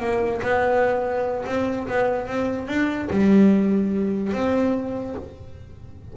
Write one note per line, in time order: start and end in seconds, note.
0.00 0.41 A#3
0.42 1.45 B3
1.46 1.87 C4
1.88 2.28 B3
2.28 2.68 C4
2.68 3.09 D4
3.10 4.33 G3
4.33 5.15 C4